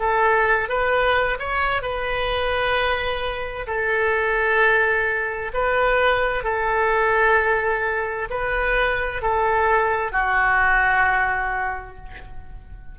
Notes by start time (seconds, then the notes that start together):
0.00 A4
0.69 B4
1.40 C#5
1.83 B4
3.68 A4
5.54 B4
6.44 A4
8.30 B4
9.22 A4
10.12 F#4